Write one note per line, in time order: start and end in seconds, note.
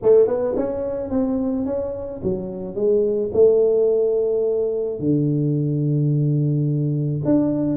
0.02 0.27 A3
0.27 0.55 B3
0.56 1.10 C#4
1.10 1.65 C4
1.65 2.21 C#4
2.23 2.75 F#3
2.75 3.30 G#3
3.33 4.99 A3
4.99 7.21 D3
7.24 7.77 D4